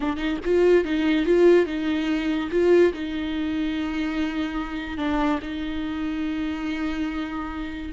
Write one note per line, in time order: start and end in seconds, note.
0.00 0.16 D4
0.16 0.37 D#4
0.44 0.84 F4
0.84 1.25 D#4
1.25 1.66 F4
1.66 2.49 D#4
2.51 2.92 F4
2.93 4.97 D#4
4.97 5.39 D4
5.42 7.92 D#4